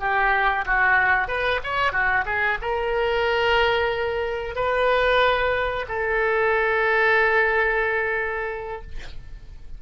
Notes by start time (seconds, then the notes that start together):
0.00 G4
0.66 F#4
1.28 B4
1.64 C#5
1.92 F#4
2.26 G#4
2.61 A#4
4.55 B4
5.88 A4